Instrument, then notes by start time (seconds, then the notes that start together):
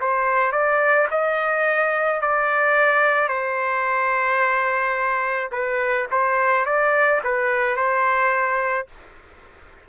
trumpet
0.00 C5
0.52 D5
1.11 D#5
2.21 D5
3.28 C5
5.52 B4
6.11 C5
6.66 D5
7.24 B4
7.76 C5